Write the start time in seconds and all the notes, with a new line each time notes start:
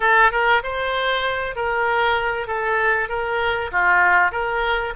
0.00 A4
0.31 A#4
0.63 C5
1.55 A#4
2.47 A4
3.08 A#4
3.71 F4
4.31 A#4